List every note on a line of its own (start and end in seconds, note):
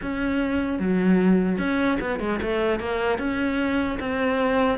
0.01 0.79 C#4
0.79 1.58 F#3
1.58 1.98 C#4
2.00 2.19 B3
2.19 2.39 G#3
2.41 2.79 A3
2.79 3.18 A#3
3.18 3.98 C#4
3.99 4.78 C4